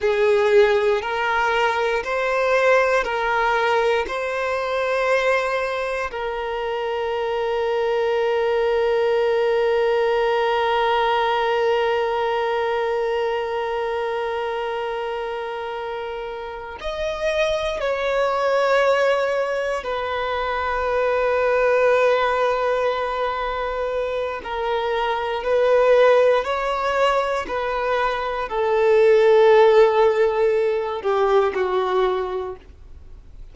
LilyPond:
\new Staff \with { instrumentName = "violin" } { \time 4/4 \tempo 4 = 59 gis'4 ais'4 c''4 ais'4 | c''2 ais'2~ | ais'1~ | ais'1~ |
ais'8 dis''4 cis''2 b'8~ | b'1 | ais'4 b'4 cis''4 b'4 | a'2~ a'8 g'8 fis'4 | }